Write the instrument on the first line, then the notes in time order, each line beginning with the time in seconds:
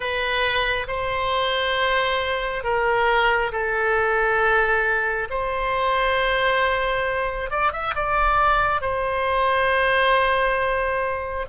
oboe
0.00 B4
0.87 C5
2.63 A#4
3.51 A4
5.29 C5
7.50 D5
7.72 E5
7.95 D5
8.81 C5